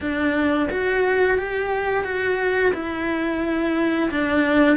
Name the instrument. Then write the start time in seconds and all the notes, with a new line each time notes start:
cello
0.00 D4
0.70 F#4
1.38 G4
2.04 F#4
2.73 E4
4.11 D4